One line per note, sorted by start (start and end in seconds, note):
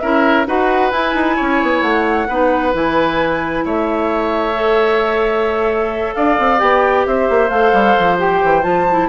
0.00 0.46 C#4
0.00 0.46 E4
0.00 0.47 A#4
0.00 0.45 E5
0.46 0.91 D#4
0.46 0.91 F#4
0.46 1.36 B4
0.46 0.91 F#5
0.91 1.14 E4
0.91 2.28 E4
0.91 1.82 G#5
1.14 1.36 D#4
1.36 1.62 C#4
1.36 2.27 C#5
1.62 1.81 B3
1.81 2.27 A3
1.81 2.73 F#5
2.28 2.74 B3
2.28 2.73 D#4
2.28 3.64 B4
2.73 3.65 E3
2.73 4.54 E4
2.73 3.65 G#5
3.65 6.15 A3
3.65 6.15 C#5
3.65 6.14 E5
4.54 6.58 A4
6.14 6.38 D4
6.14 7.07 D5
6.14 6.59 F5
6.38 6.61 C4
6.58 7.06 B3
6.58 7.49 G4
6.58 7.05 G5
7.06 7.29 C4
7.06 9.09 C5
7.06 7.49 E5
7.29 7.49 A#3
7.49 7.72 A3
7.49 8.18 A4
7.49 8.17 F5
7.73 7.96 G3
7.98 8.43 F3
8.18 8.62 G4
8.18 8.63 G5
8.43 8.64 E3
8.62 9.09 F3
8.62 8.85 F4
8.62 9.08 A5
8.91 9.09 E4